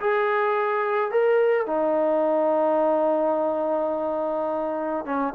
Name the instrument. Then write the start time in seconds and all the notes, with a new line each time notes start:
trombone
0.00 G#4
1.11 A#4
1.66 D#4
5.05 C#4